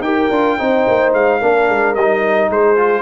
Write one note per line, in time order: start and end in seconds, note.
0.00 0.28 D#4
0.00 0.31 G4
0.00 0.58 A#4
0.00 1.12 G5
0.30 0.58 D4
0.30 0.58 F4
0.58 0.87 C4
0.58 1.41 D#4
0.58 1.39 C5
0.87 1.13 A#3
1.13 1.41 G#3
1.13 1.95 F5
1.39 1.69 A#3
1.39 1.96 D4
1.39 2.49 A#4
1.69 1.95 G#3
1.95 2.50 G3
1.95 2.76 D#4
1.95 2.50 D#5
2.50 3.01 G#3
2.50 3.01 G#4
2.50 3.01 C5
2.76 3.01 F4